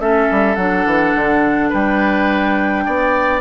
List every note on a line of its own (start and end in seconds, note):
0.00 0.29 A3
0.00 0.57 C#4
0.00 1.70 A4
0.00 0.56 E5
0.32 0.57 G3
0.56 0.86 F#3
0.56 3.41 D4
0.56 1.70 F#5
0.86 1.14 E3
1.15 1.72 D3
1.70 2.87 G3
1.70 2.84 B4
1.70 3.41 G5
2.86 3.41 B3
2.86 3.41 D5